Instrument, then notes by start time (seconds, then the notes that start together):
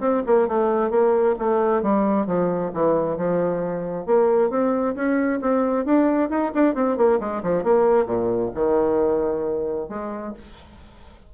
bassoon
0.00 C4
0.26 A#3
0.48 A3
0.91 A#3
1.39 A3
1.82 G3
2.26 F3
2.74 E3
3.17 F3
4.06 A#3
4.50 C4
4.95 C#4
5.41 C4
5.85 D4
6.30 D#4
6.55 D4
6.75 C4
6.97 A#3
7.20 G#3
7.43 F3
7.64 A#3
8.06 A#2
8.55 D#3
9.89 G#3